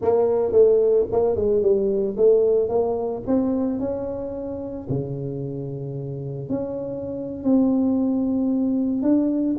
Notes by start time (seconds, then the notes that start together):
0.01 A#3
0.52 A3
1.12 A#3
1.35 G#3
1.61 G3
2.16 A3
2.68 A#3
3.26 C4
3.79 C#4
4.89 C#3
6.49 C#4
7.43 C4
9.02 D4